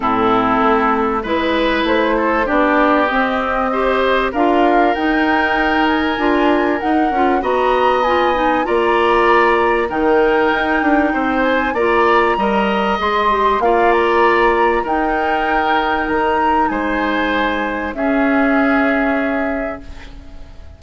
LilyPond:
<<
  \new Staff \with { instrumentName = "flute" } { \time 4/4 \tempo 4 = 97 a'2 b'4 c''4 | d''4 dis''2 f''4 | g''4. gis''4. fis''4 | ais''4 gis''4 ais''2 |
g''2~ g''8 gis''8 ais''4~ | ais''4 c'''4 f''8 ais''4. | g''2 ais''4 gis''4~ | gis''4 e''2. | }
  \new Staff \with { instrumentName = "oboe" } { \time 4/4 e'2 b'4. a'8 | g'2 c''4 ais'4~ | ais'1 | dis''2 d''2 |
ais'2 c''4 d''4 | dis''2 d''2 | ais'2. c''4~ | c''4 gis'2. | }
  \new Staff \with { instrumentName = "clarinet" } { \time 4/4 c'2 e'2 | d'4 c'4 g'4 f'4 | dis'2 f'4 dis'8 f'8 | fis'4 f'8 dis'8 f'2 |
dis'2. f'4 | ais'4 gis'8 g'8 f'2 | dis'1~ | dis'4 cis'2. | }
  \new Staff \with { instrumentName = "bassoon" } { \time 4/4 a,4 a4 gis4 a4 | b4 c'2 d'4 | dis'2 d'4 dis'8 cis'8 | b2 ais2 |
dis4 dis'8 d'8 c'4 ais4 | g4 gis4 ais2 | dis'2 dis4 gis4~ | gis4 cis'2. | }
>>